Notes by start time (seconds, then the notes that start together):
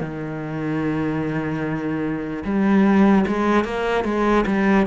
0.00 D#3
2.44 G3
3.27 G#3
3.64 A#3
4.04 G#3
4.46 G3